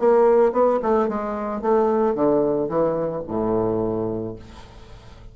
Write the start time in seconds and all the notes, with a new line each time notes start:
0.00 A#3
0.53 B3
0.83 A3
1.09 G#3
1.62 A3
2.15 D3
2.69 E3
3.28 A2